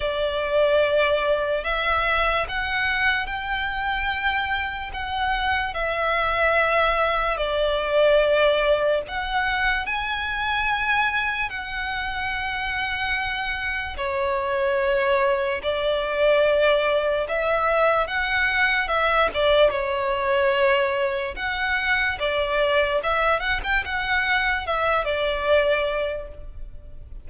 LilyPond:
\new Staff \with { instrumentName = "violin" } { \time 4/4 \tempo 4 = 73 d''2 e''4 fis''4 | g''2 fis''4 e''4~ | e''4 d''2 fis''4 | gis''2 fis''2~ |
fis''4 cis''2 d''4~ | d''4 e''4 fis''4 e''8 d''8 | cis''2 fis''4 d''4 | e''8 fis''16 g''16 fis''4 e''8 d''4. | }